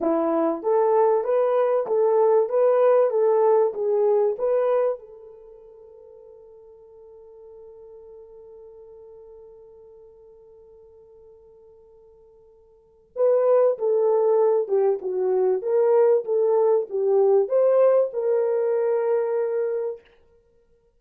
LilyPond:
\new Staff \with { instrumentName = "horn" } { \time 4/4 \tempo 4 = 96 e'4 a'4 b'4 a'4 | b'4 a'4 gis'4 b'4 | a'1~ | a'1~ |
a'1~ | a'4 b'4 a'4. g'8 | fis'4 ais'4 a'4 g'4 | c''4 ais'2. | }